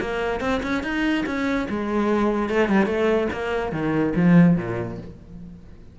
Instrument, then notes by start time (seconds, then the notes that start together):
cello
0.00 A#3
0.40 C4
0.62 C#4
0.83 D#4
1.26 C#4
1.69 G#3
2.49 A3
2.68 G3
2.86 A3
3.32 A#3
3.72 D#3
4.15 F3
4.56 A#2